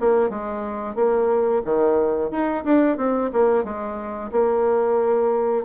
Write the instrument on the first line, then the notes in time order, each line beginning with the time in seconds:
bassoon
0.00 A#3
0.30 G#3
0.95 A#3
1.65 D#3
2.31 D#4
2.65 D4
2.97 C4
3.33 A#3
3.64 G#3
4.32 A#3